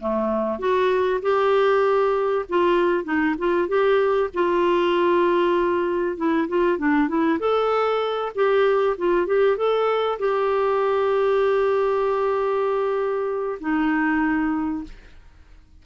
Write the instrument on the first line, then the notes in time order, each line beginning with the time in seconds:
clarinet
0.00 A3
0.59 F#4
1.22 G4
2.49 F4
3.05 D#4
3.39 F4
3.68 G4
4.34 F4
6.17 E4
6.48 F4
6.79 D4
7.09 E4
7.40 A4
8.35 G4
8.98 F4
9.27 G4
9.57 A4
10.19 G4
13.61 D#4